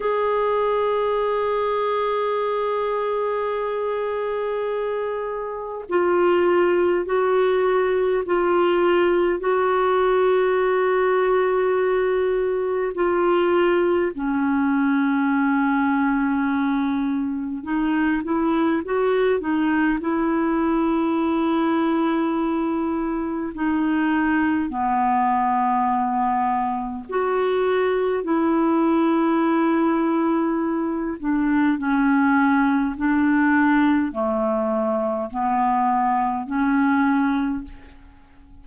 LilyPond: \new Staff \with { instrumentName = "clarinet" } { \time 4/4 \tempo 4 = 51 gis'1~ | gis'4 f'4 fis'4 f'4 | fis'2. f'4 | cis'2. dis'8 e'8 |
fis'8 dis'8 e'2. | dis'4 b2 fis'4 | e'2~ e'8 d'8 cis'4 | d'4 a4 b4 cis'4 | }